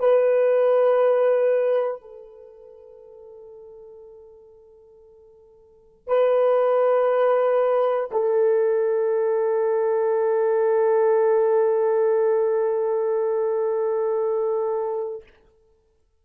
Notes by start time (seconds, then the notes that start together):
0.00 B4
2.02 A4
6.08 B4
8.12 A4